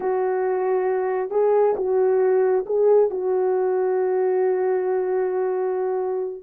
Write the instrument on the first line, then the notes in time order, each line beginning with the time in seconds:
horn
0.00 F#4
1.30 G#4
1.76 F#4
2.66 G#4
3.10 F#4